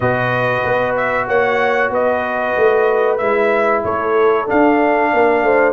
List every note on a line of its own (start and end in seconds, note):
0.00 0.62 B2
0.00 3.20 F#4
0.00 1.27 B4
0.00 0.96 D#5
0.64 1.28 B3
0.96 1.28 E5
1.27 1.89 A#3
1.27 1.91 C#5
1.27 1.92 F#5
1.89 2.53 B3
1.89 3.84 B4
1.89 3.17 D#5
2.57 3.20 A3
3.17 3.84 G#3
3.17 4.46 E4
3.17 3.81 E5
3.84 4.48 A3
3.84 5.12 A4
3.84 4.48 C#5
4.46 5.73 D4
4.46 5.13 D4
4.46 5.73 F5
5.13 5.42 A#3
5.13 5.43 A#4
5.42 5.73 A3
5.42 5.73 C5